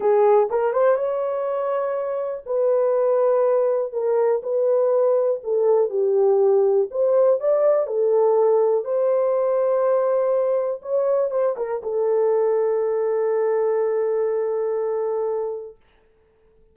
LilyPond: \new Staff \with { instrumentName = "horn" } { \time 4/4 \tempo 4 = 122 gis'4 ais'8 c''8 cis''2~ | cis''4 b'2. | ais'4 b'2 a'4 | g'2 c''4 d''4 |
a'2 c''2~ | c''2 cis''4 c''8 ais'8 | a'1~ | a'1 | }